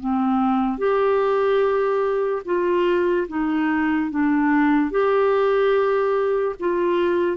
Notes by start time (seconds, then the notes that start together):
0.00 C4
0.78 G4
2.45 F4
3.28 D#4
4.10 D4
4.91 G4
6.59 F4